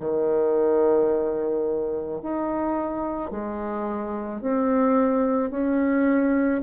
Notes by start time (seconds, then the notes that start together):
0.00 D#3
2.22 D#4
3.31 G#3
4.41 C4
5.50 C#4